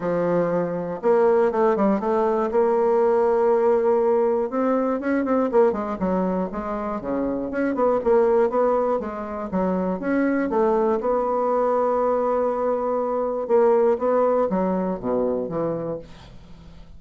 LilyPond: \new Staff \with { instrumentName = "bassoon" } { \time 4/4 \tempo 4 = 120 f2 ais4 a8 g8 | a4 ais2.~ | ais4 c'4 cis'8 c'8 ais8 gis8 | fis4 gis4 cis4 cis'8 b8 |
ais4 b4 gis4 fis4 | cis'4 a4 b2~ | b2. ais4 | b4 fis4 b,4 e4 | }